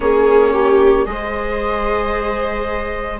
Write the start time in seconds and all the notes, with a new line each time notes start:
0.00 A#3 C#4 G#4 C#5
0.52 G4
1.05 G#3 G#4 C5 D#5